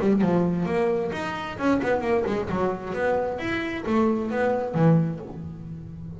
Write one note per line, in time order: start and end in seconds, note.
0.00 0.21 G3
0.21 0.65 F3
0.65 1.11 A#3
1.12 1.57 D#4
1.58 1.81 C#4
1.82 2.01 B3
2.01 2.24 A#3
2.26 2.49 G#3
2.49 2.93 F#3
2.93 3.38 B3
3.38 3.84 E4
3.86 4.30 A3
4.30 4.74 B3
4.74 5.19 E3